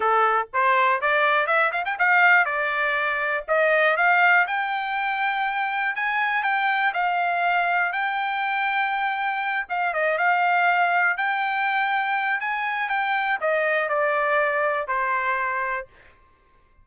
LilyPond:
\new Staff \with { instrumentName = "trumpet" } { \time 4/4 \tempo 4 = 121 a'4 c''4 d''4 e''8 f''16 g''16 | f''4 d''2 dis''4 | f''4 g''2. | gis''4 g''4 f''2 |
g''2.~ g''8 f''8 | dis''8 f''2 g''4.~ | g''4 gis''4 g''4 dis''4 | d''2 c''2 | }